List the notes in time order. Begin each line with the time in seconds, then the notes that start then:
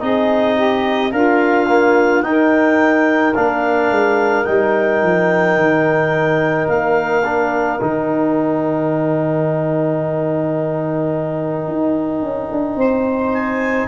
0.00 C4 D#4 G#4 D#5
0.56 G4
1.12 D4 F4 A#4 F5
1.69 A#3
2.23 D#4 A#4 G5
3.35 A#3 D4 F5
3.91 G#3
4.45 G3 D#4 G5
5.03 F3
5.57 D#3
6.69 A#3 F5
7.25 D4
7.80 D#3 D#4 G5
11.68 D#4
12.22 C#4
12.52 D4
12.76 C4 C5
13.34 G#5